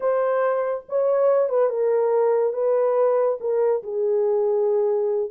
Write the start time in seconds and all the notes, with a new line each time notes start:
0.00 C5
0.89 C#5
1.49 B4
1.69 A#4
2.53 B4
3.40 A#4
3.83 G#4